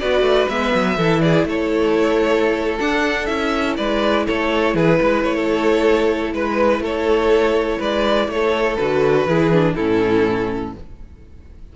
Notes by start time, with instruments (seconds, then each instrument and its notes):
0.00 cello B3, viola F#4, violin B4 D5
0.21 cello A3
0.49 cello G#3, viola B3, violin E5
0.75 cello F#3
0.97 cello E3, viola E4, violin A4
1.21 violin G#4 D5
1.45 cello A3, violin A4 C#5
2.79 viola D4, cello D4, violin F#5
3.26 cello C#4, viola E4, violin E5
3.77 cello G#3, violin B4 D5
4.27 cello A3, violin A4 C#5
4.75 cello E3, violin G#4 B4
5.00 cello G#3, violin B4
5.23 cello A3, violin C#5
5.36 violin A4
6.34 cello G#3, violin B4
6.80 cello A3, violin A4 C#5
7.79 cello G#3, violin B4 D5
8.28 cello A3, violin A4 C#5
8.77 cello D3, viola F#4, violin B4
9.26 cello E3, viola E4, violin G#4
9.52 viola D4
9.75 cello A2, viola C#4, violin E4 A4